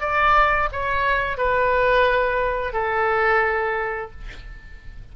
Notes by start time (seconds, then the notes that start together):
0.00 D5
0.72 C#5
1.37 B4
2.73 A4